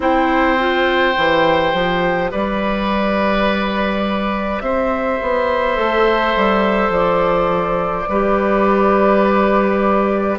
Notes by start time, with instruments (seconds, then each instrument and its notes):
0.00 bassoon C4, clarinet E4, oboe C5, flute G5
0.58 clarinet F4
1.14 bassoon E3, clarinet G4
1.73 bassoon F3
2.31 bassoon G3, oboe B4, flute D5
4.60 bassoon C4, oboe C5, flute E5
5.21 bassoon B3
5.74 bassoon A3, clarinet A4
6.36 bassoon G3
6.89 bassoon F3, flute D5
8.08 bassoon G3, clarinet G4, oboe B4